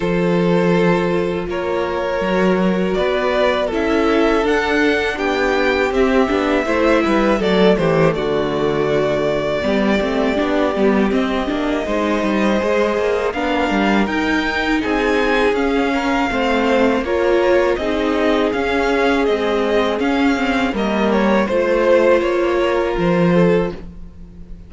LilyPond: <<
  \new Staff \with { instrumentName = "violin" } { \time 4/4 \tempo 4 = 81 c''2 cis''2 | d''4 e''4 fis''4 g''4 | e''2 d''8 c''8 d''4~ | d''2. dis''4~ |
dis''2 f''4 g''4 | gis''4 f''2 cis''4 | dis''4 f''4 dis''4 f''4 | dis''8 cis''8 c''4 cis''4 c''4 | }
  \new Staff \with { instrumentName = "violin" } { \time 4/4 a'2 ais'2 | b'4 a'2 g'4~ | g'4 c''8 b'8 a'8 g'8 fis'4~ | fis'4 g'2. |
c''2 ais'2 | gis'4. ais'8 c''4 ais'4 | gis'1 | ais'4 c''4. ais'4 a'8 | }
  \new Staff \with { instrumentName = "viola" } { \time 4/4 f'2. fis'4~ | fis'4 e'4 d'2 | c'8 d'8 e'4 a2~ | a4 b8 c'8 d'8 b8 c'8 d'8 |
dis'4 gis'4 d'4 dis'4~ | dis'4 cis'4 c'4 f'4 | dis'4 cis'4 gis4 cis'8 c'8 | ais4 f'2. | }
  \new Staff \with { instrumentName = "cello" } { \time 4/4 f2 ais4 fis4 | b4 cis'4 d'4 b4 | c'8 b8 a8 g8 fis8 e8 d4~ | d4 g8 a8 b8 g8 c'8 ais8 |
gis8 g8 gis8 ais8 b8 g8 dis'4 | c'4 cis'4 a4 ais4 | c'4 cis'4 c'4 cis'4 | g4 a4 ais4 f4 | }
>>